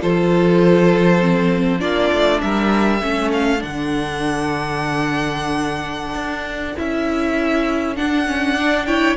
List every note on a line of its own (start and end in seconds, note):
0.00 1.81 F3
0.00 1.19 F4
0.00 1.79 A4
0.00 1.80 C5
1.19 1.79 C4
1.79 2.11 A#3
1.79 2.99 D4
1.79 2.40 F4
1.79 2.40 D5
2.12 2.42 A3
2.41 3.02 G3
2.41 3.00 A#4
2.41 3.31 E5
3.00 3.63 A3
3.00 3.58 C#4
3.00 8.54 A4
3.32 3.62 F5
3.58 6.14 D3
3.58 6.73 D4
3.58 6.77 F#5
6.14 6.74 D4
6.76 7.99 C#4
6.76 7.96 E4
6.76 7.96 E5
7.96 8.26 D4
7.96 9.16 D4
7.96 8.85 F#5
8.26 8.56 C#4
8.54 8.87 D4
8.54 8.84 D5
8.85 9.16 E4
8.85 9.16 C#5
8.85 9.15 G5